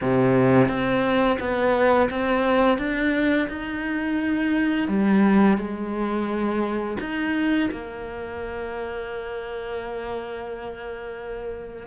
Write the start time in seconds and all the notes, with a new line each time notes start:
0.01 C3
0.68 C4
1.39 B3
2.10 C4
2.78 D4
3.48 D#4
4.87 G3
5.57 G#3
7.00 D#4
7.71 A#3